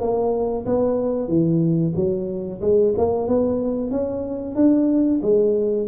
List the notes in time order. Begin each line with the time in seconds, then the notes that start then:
0.00 A#3
0.66 B3
1.28 E3
1.95 F#3
2.61 G#3
2.97 A#3
3.27 B3
3.91 C#4
4.55 D4
5.22 G#3